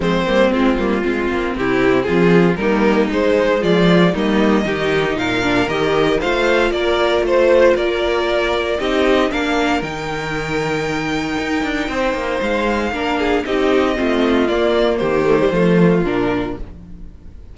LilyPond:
<<
  \new Staff \with { instrumentName = "violin" } { \time 4/4 \tempo 4 = 116 c''4 f'2 g'4 | gis'4 ais'4 c''4 d''4 | dis''2 f''4 dis''4 | f''4 d''4 c''4 d''4~ |
d''4 dis''4 f''4 g''4~ | g''1 | f''2 dis''2 | d''4 c''2 ais'4 | }
  \new Staff \with { instrumentName = "violin" } { \time 4/4 c'2 f'4 e'4 | f'4 dis'2 f'4 | dis'4 g'4 ais'2 | c''4 ais'4 c''4 ais'4~ |
ais'4 g'4 ais'2~ | ais'2. c''4~ | c''4 ais'8 gis'8 g'4 f'4~ | f'4 g'4 f'2 | }
  \new Staff \with { instrumentName = "viola" } { \time 4/4 gis8 ais8 c'8 ais8 c'2~ | c'4 ais4 gis2 | ais4 dis'4. d'8 g'4 | f'1~ |
f'4 dis'4 d'4 dis'4~ | dis'1~ | dis'4 d'4 dis'4 c'4 | ais4. a16 g16 a4 d'4 | }
  \new Staff \with { instrumentName = "cello" } { \time 4/4 f8 g8 gis8 g8 gis8 ais8 c4 | f4 g4 gis4 f4 | g4 dis4 ais,4 dis4 | a4 ais4 a4 ais4~ |
ais4 c'4 ais4 dis4~ | dis2 dis'8 d'8 c'8 ais8 | gis4 ais4 c'4 a4 | ais4 dis4 f4 ais,4 | }
>>